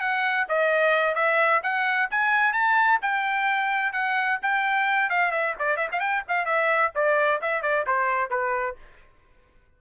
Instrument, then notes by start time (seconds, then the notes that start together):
trumpet
0.00 F#5
0.48 D#5
1.15 E5
1.63 F#5
2.10 G#5
2.53 A5
3.02 G5
3.93 F#5
4.42 G5
5.10 F5
5.31 E5
5.59 D5
5.76 E5
5.92 F5
6.00 G5
6.28 F5
6.45 E5
6.95 D5
7.41 E5
7.62 D5
7.87 C5
8.30 B4